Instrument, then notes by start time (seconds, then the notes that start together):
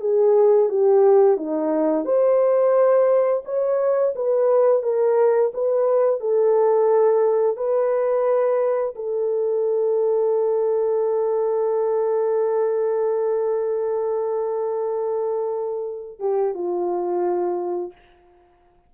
horn
0.00 G#4
0.69 G4
1.37 D#4
2.05 C5
3.45 C#5
4.15 B4
4.82 A#4
5.54 B4
6.20 A4
7.56 B4
8.95 A4
16.19 G4
16.54 F4